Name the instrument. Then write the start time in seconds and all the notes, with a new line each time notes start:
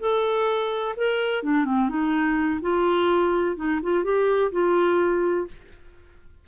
clarinet
0.00 A4
0.97 A#4
1.43 D4
1.65 C4
1.89 D#4
2.62 F4
3.56 D#4
3.83 F4
4.04 G4
4.52 F4